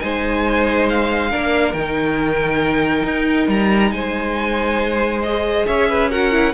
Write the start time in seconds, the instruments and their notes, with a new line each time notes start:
0.00 cello G#3, viola D#4, violin C5 G#5
0.89 violin F5
1.30 cello A#3, viola D4, violin A#4
1.73 cello D#3, viola D#4, violin G5
3.05 cello D#4
3.48 cello G3, violin A#5
3.91 cello G#3, violin C5 G#5
5.22 viola G#4, violin D#5
5.66 cello C#4, violin C#5 E5
5.89 violin B4
6.10 viola F#4, violin A#4 F#5
6.32 viola E4